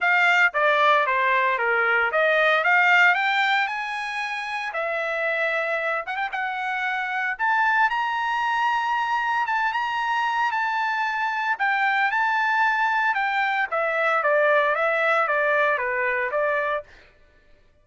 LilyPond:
\new Staff \with { instrumentName = "trumpet" } { \time 4/4 \tempo 4 = 114 f''4 d''4 c''4 ais'4 | dis''4 f''4 g''4 gis''4~ | gis''4 e''2~ e''8 fis''16 g''16 | fis''2 a''4 ais''4~ |
ais''2 a''8 ais''4. | a''2 g''4 a''4~ | a''4 g''4 e''4 d''4 | e''4 d''4 b'4 d''4 | }